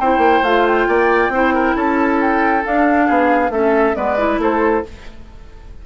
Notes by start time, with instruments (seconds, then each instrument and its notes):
0.00 bassoon C4, clarinet E4, oboe C5, flute G5
0.18 bassoon A#3
0.43 bassoon A3, clarinet F4, flute F5
0.67 flute G5
0.88 bassoon A#3, oboe D5
1.29 bassoon C4, clarinet E4, oboe C5
1.54 oboe A#4
1.76 bassoon C#4, oboe A4, flute A5
2.21 flute G5
2.63 clarinet D4, bassoon D4, flute F5
3.07 bassoon B3, oboe G#4
3.50 bassoon A3, clarinet C#4, oboe A4, flute E5
3.95 bassoon G#3, clarinet B3, oboe B4, flute D5
4.18 clarinet E4
4.38 bassoon A3, oboe A4, flute C5